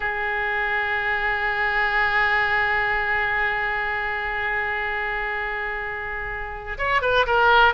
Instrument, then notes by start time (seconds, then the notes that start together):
oboe
0.00 G#4
6.77 C#5
7.01 B4
7.26 A#4